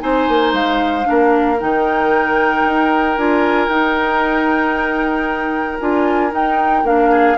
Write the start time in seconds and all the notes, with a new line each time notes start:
0.00 C4 D#4 C5 G#5
0.28 A#3
0.53 G#3 F5
1.04 D4 A#4
1.10 A#3
1.60 D#3 D#4 G5
2.65 D#4
3.17 D4 F4 G#5
3.68 D#4 G5
5.80 D4 F4 G#5
6.31 D#4 G5
6.83 A#3 D4 F5
7.11 G#4